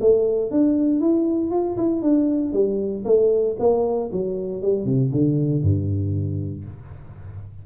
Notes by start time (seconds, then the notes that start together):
0.00 A3
0.51 D4
1.00 E4
1.51 F4
1.77 E4
2.02 D4
2.52 G3
3.05 A3
3.59 A#3
4.12 F#3
4.62 G3
4.85 C3
5.12 D3
5.62 G2